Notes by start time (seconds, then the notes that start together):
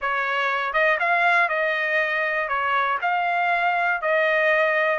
0.01 C#5
0.73 D#5
0.99 F5
1.48 D#5
2.48 C#5
3.01 F5
4.01 D#5